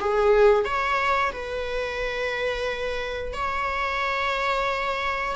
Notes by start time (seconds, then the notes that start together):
0.00 G#4
0.64 C#5
1.32 B4
3.33 C#5